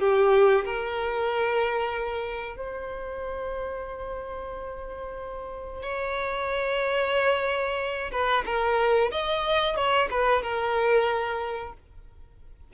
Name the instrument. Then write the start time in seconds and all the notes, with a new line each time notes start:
violin
0.00 G4
0.66 A#4
2.57 C5
5.83 C#5
8.12 B4
8.46 A#4
9.12 D#5
9.76 C#5
10.11 B4
10.43 A#4